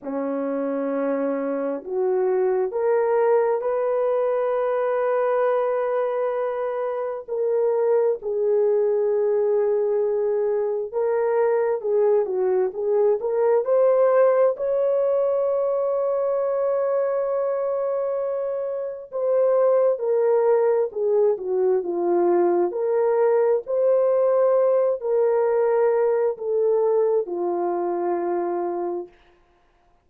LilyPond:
\new Staff \with { instrumentName = "horn" } { \time 4/4 \tempo 4 = 66 cis'2 fis'4 ais'4 | b'1 | ais'4 gis'2. | ais'4 gis'8 fis'8 gis'8 ais'8 c''4 |
cis''1~ | cis''4 c''4 ais'4 gis'8 fis'8 | f'4 ais'4 c''4. ais'8~ | ais'4 a'4 f'2 | }